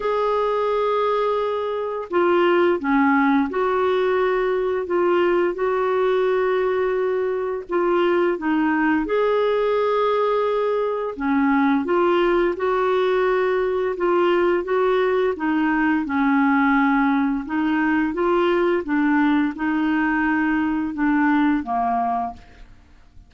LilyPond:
\new Staff \with { instrumentName = "clarinet" } { \time 4/4 \tempo 4 = 86 gis'2. f'4 | cis'4 fis'2 f'4 | fis'2. f'4 | dis'4 gis'2. |
cis'4 f'4 fis'2 | f'4 fis'4 dis'4 cis'4~ | cis'4 dis'4 f'4 d'4 | dis'2 d'4 ais4 | }